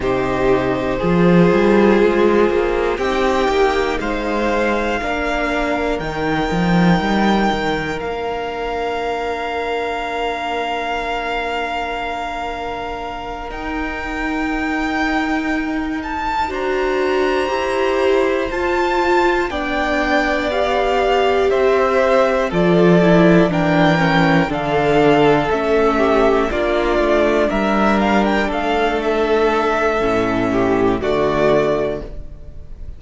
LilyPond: <<
  \new Staff \with { instrumentName = "violin" } { \time 4/4 \tempo 4 = 60 c''2. g''4 | f''2 g''2 | f''1~ | f''4. g''2~ g''8 |
a''8 ais''2 a''4 g''8~ | g''8 f''4 e''4 d''4 g''8~ | g''8 f''4 e''4 d''4 e''8 | f''16 g''16 f''8 e''2 d''4 | }
  \new Staff \with { instrumentName = "violin" } { \time 4/4 g'4 gis'2 g'4 | c''4 ais'2.~ | ais'1~ | ais'1~ |
ais'8 c''2. d''8~ | d''4. c''4 a'4 ais'8~ | ais'8 a'4. g'8 f'4 ais'8~ | ais'8 a'2 g'8 fis'4 | }
  \new Staff \with { instrumentName = "viola" } { \time 4/4 dis'4 f'2 dis'4~ | dis'4 d'4 dis'2 | d'1~ | d'4. dis'2~ dis'8~ |
dis'8 fis'4 g'4 f'4 d'8~ | d'8 g'2 f'8 e'8 d'8 | cis'8 d'4 cis'4 d'4.~ | d'2 cis'4 a4 | }
  \new Staff \with { instrumentName = "cello" } { \time 4/4 c4 f8 g8 gis8 ais8 c'8 ais8 | gis4 ais4 dis8 f8 g8 dis8 | ais1~ | ais4. dis'2~ dis'8~ |
dis'8 d'4 e'4 f'4 b8~ | b4. c'4 f4 e8~ | e8 d4 a4 ais8 a8 g8~ | g8 a4. a,4 d4 | }
>>